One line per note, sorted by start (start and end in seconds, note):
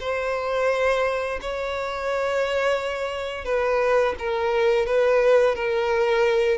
0.00 1.40 C5
1.41 3.45 C#5
3.45 4.15 B4
4.19 4.86 A#4
4.86 5.55 B4
5.55 6.58 A#4